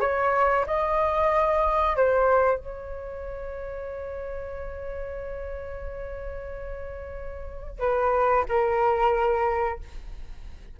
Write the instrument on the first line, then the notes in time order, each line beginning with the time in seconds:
flute
0.00 C#5
0.66 D#5
1.96 C5
2.58 C#5
7.79 B4
8.48 A#4